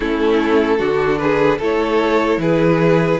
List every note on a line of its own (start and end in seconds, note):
0.00 0.79 A3
0.00 0.78 C#4
0.00 0.78 E4
0.00 1.18 A4
0.78 1.59 D3
0.78 1.58 D4
0.78 1.18 F#4
1.18 1.58 G#4
1.18 1.58 B4
1.58 2.37 A3
1.58 3.19 E4
1.58 2.38 A4
1.58 2.40 C#5
2.37 3.17 E3
2.37 3.19 G#4
2.37 3.19 B4